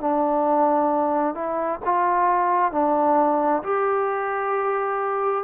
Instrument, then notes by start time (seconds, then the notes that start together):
trombone
0.00 D4
1.34 E4
1.85 F4
2.71 D4
3.63 G4